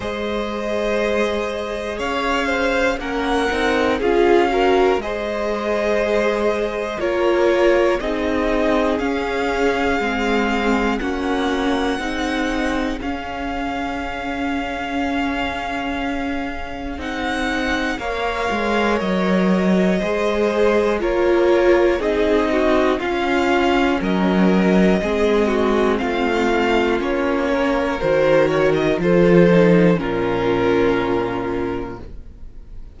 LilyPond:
<<
  \new Staff \with { instrumentName = "violin" } { \time 4/4 \tempo 4 = 60 dis''2 f''4 fis''4 | f''4 dis''2 cis''4 | dis''4 f''2 fis''4~ | fis''4 f''2.~ |
f''4 fis''4 f''4 dis''4~ | dis''4 cis''4 dis''4 f''4 | dis''2 f''4 cis''4 | c''8 cis''16 dis''16 c''4 ais'2 | }
  \new Staff \with { instrumentName = "violin" } { \time 4/4 c''2 cis''8 c''8 ais'4 | gis'8 ais'8 c''2 ais'4 | gis'2. fis'4 | gis'1~ |
gis'2 cis''2 | c''4 ais'4 gis'8 fis'8 f'4 | ais'4 gis'8 fis'8 f'4. ais'8~ | ais'4 a'4 f'2 | }
  \new Staff \with { instrumentName = "viola" } { \time 4/4 gis'2. cis'8 dis'8 | f'8 fis'8 gis'2 f'4 | dis'4 cis'4 c'4 cis'4 | dis'4 cis'2.~ |
cis'4 dis'4 ais'2 | gis'4 f'4 dis'4 cis'4~ | cis'4 c'2 cis'4 | fis'4 f'8 dis'8 cis'2 | }
  \new Staff \with { instrumentName = "cello" } { \time 4/4 gis2 cis'4 ais8 c'8 | cis'4 gis2 ais4 | c'4 cis'4 gis4 ais4 | c'4 cis'2.~ |
cis'4 c'4 ais8 gis8 fis4 | gis4 ais4 c'4 cis'4 | fis4 gis4 a4 ais4 | dis4 f4 ais,2 | }
>>